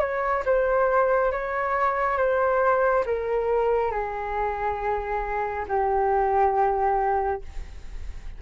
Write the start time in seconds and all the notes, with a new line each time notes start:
0.00 C#5
0.45 C5
1.32 C#5
2.17 C5
3.06 A#4
3.91 G#4
5.68 G4